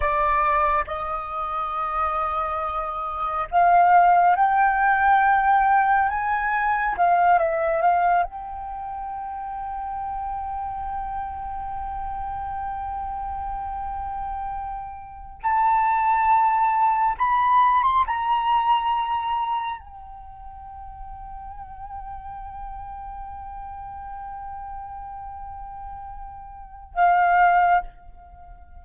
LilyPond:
\new Staff \with { instrumentName = "flute" } { \time 4/4 \tempo 4 = 69 d''4 dis''2. | f''4 g''2 gis''4 | f''8 e''8 f''8 g''2~ g''8~ | g''1~ |
g''4.~ g''16 a''2 b''16~ | b''8 c'''16 ais''2 g''4~ g''16~ | g''1~ | g''2. f''4 | }